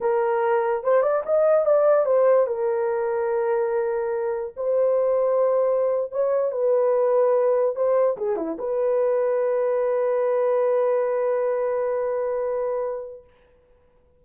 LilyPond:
\new Staff \with { instrumentName = "horn" } { \time 4/4 \tempo 4 = 145 ais'2 c''8 d''8 dis''4 | d''4 c''4 ais'2~ | ais'2. c''4~ | c''2~ c''8. cis''4 b'16~ |
b'2~ b'8. c''4 gis'16~ | gis'16 e'8 b'2.~ b'16~ | b'1~ | b'1 | }